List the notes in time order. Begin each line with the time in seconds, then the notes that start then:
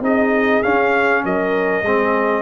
0.00 C4 D#4 G#4 D#5
0.63 C#4 F5
1.24 F#3 A#4 D#5
1.82 G#3 C4 G#4